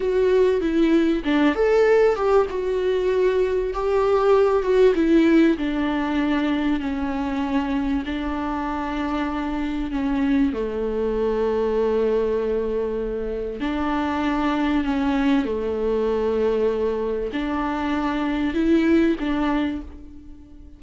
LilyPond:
\new Staff \with { instrumentName = "viola" } { \time 4/4 \tempo 4 = 97 fis'4 e'4 d'8 a'4 g'8 | fis'2 g'4. fis'8 | e'4 d'2 cis'4~ | cis'4 d'2. |
cis'4 a2.~ | a2 d'2 | cis'4 a2. | d'2 e'4 d'4 | }